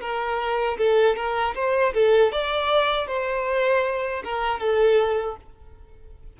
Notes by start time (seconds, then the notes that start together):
0.00 A#4
0.77 A4
1.16 A#4
1.55 C5
1.93 A4
2.32 D5
3.07 C5
4.24 A#4
4.59 A4